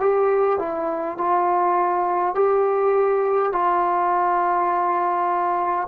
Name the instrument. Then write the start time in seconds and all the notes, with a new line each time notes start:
trombone
0.00 G4
0.58 E4
1.17 F4
2.35 G4
3.52 F4